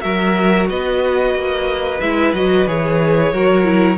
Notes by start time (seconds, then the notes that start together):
0.00 F#3 F#4 A#4 E5
0.69 B3 B4 D#5
1.34 A#3
2.00 G#3 E4 E5
2.33 F#3 F#4 D#5
2.66 E3 G#4 C#5
3.32 F#3 F#4 A#4
3.63 E4